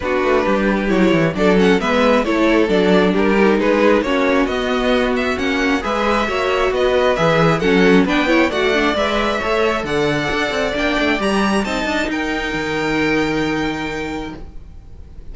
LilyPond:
<<
  \new Staff \with { instrumentName = "violin" } { \time 4/4 \tempo 4 = 134 b'2 cis''4 d''8 fis''8 | e''4 cis''4 d''4 ais'4 | b'4 cis''4 dis''4. e''8 | fis''4 e''2 dis''4 |
e''4 fis''4 g''4 fis''4 | e''2 fis''2 | g''4 ais''4 a''4 g''4~ | g''1 | }
  \new Staff \with { instrumentName = "violin" } { \time 4/4 fis'4 g'2 a'4 | b'4 a'2 g'4 | gis'4 fis'2.~ | fis'4 b'4 cis''4 b'4~ |
b'4 a'4 b'8 cis''8 d''4~ | d''4 cis''4 d''2~ | d''2 dis''4 ais'4~ | ais'1 | }
  \new Staff \with { instrumentName = "viola" } { \time 4/4 d'2 e'4 d'8 cis'8 | b4 e'4 d'4. dis'8~ | dis'4 cis'4 b2 | cis'4 gis'4 fis'2 |
gis'4 cis'4 d'8 e'8 fis'8 d'8 | b'4 a'2. | d'4 g'4 dis'2~ | dis'1 | }
  \new Staff \with { instrumentName = "cello" } { \time 4/4 b8 a8 g4 fis8 e8 fis4 | gis4 a4 fis4 g4 | gis4 ais4 b2 | ais4 gis4 ais4 b4 |
e4 fis4 b4 a4 | gis4 a4 d4 d'8 c'8 | ais8 a8 g4 c'8 d'8 dis'4 | dis1 | }
>>